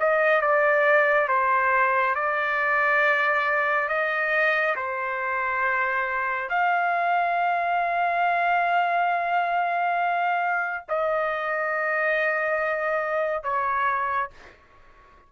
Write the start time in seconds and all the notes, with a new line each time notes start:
0.00 D#5
0.42 D5
1.29 C5
2.15 D5
3.89 D#5
4.76 C5
6.50 F5
10.89 D#5
13.44 C#5